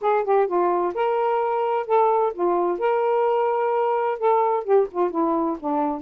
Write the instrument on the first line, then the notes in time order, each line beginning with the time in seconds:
saxophone
0.01 G#4
0.23 G4
0.47 F4
0.94 A#4
1.86 A4
2.33 F4
2.78 A#4
4.18 A4
4.64 G4
4.91 F4
5.10 E4
5.59 D4